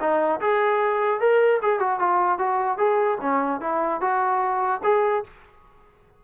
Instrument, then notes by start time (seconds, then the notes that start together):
trombone
0.00 D#4
0.40 G#4
1.20 A#4
1.62 G#4
1.79 F#4
1.99 F4
2.38 F#4
2.78 G#4
3.21 C#4
3.61 E4
4.01 F#4
4.84 G#4